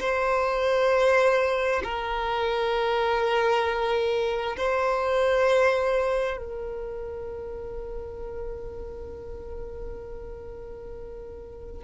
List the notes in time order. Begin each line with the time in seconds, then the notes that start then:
0.00 C5
1.83 A#4
4.57 C5
6.37 A#4